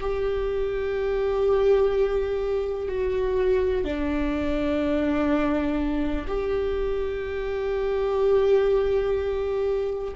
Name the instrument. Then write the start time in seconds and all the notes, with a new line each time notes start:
viola
0.00 G4
2.89 F#4
3.84 D4
6.27 G4